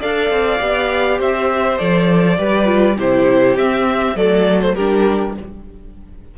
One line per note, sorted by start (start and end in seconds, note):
0.00 0.30 D4
0.00 0.59 A4
0.00 1.19 D5
0.00 1.21 F5
0.30 0.60 C4
0.59 1.20 B3
0.59 1.78 G4
1.19 1.79 C4
1.19 2.38 C5
1.19 1.78 E5
1.78 2.38 F3
1.78 2.37 A4
1.78 2.97 D5
2.38 2.97 G3
2.38 2.65 G4
2.38 2.97 B4
2.65 2.95 F4
2.97 3.56 C3
2.97 3.58 E4
2.97 4.16 G4
2.97 3.58 C5
3.56 4.15 C4
3.56 4.17 C4
3.56 4.17 E5
4.15 4.75 F#3
4.15 4.77 A3
4.15 4.75 A4
4.15 4.61 D5
4.61 4.75 C5
4.75 5.37 G3
4.75 5.38 D4
4.75 5.34 G4
4.75 5.34 A#4